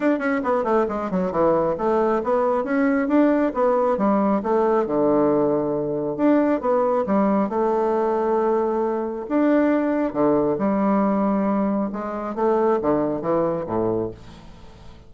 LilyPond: \new Staff \with { instrumentName = "bassoon" } { \time 4/4 \tempo 4 = 136 d'8 cis'8 b8 a8 gis8 fis8 e4 | a4 b4 cis'4 d'4 | b4 g4 a4 d4~ | d2 d'4 b4 |
g4 a2.~ | a4 d'2 d4 | g2. gis4 | a4 d4 e4 a,4 | }